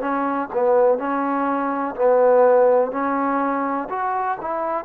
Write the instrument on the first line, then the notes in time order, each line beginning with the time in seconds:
trombone
0.00 C#4
0.53 B3
0.98 C#4
1.95 B3
2.91 C#4
3.89 F#4
4.41 E4